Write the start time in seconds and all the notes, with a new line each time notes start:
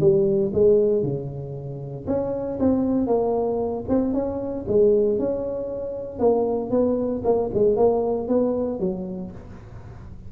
0.00 G3
0.53 G#3
1.03 C#3
2.07 C#4
2.59 C4
3.07 A#3
3.89 C4
4.13 C#4
4.68 G#3
5.19 C#4
6.19 A#3
6.70 B3
7.24 A#3
7.54 G#3
7.76 A#3
8.28 B3
8.79 F#3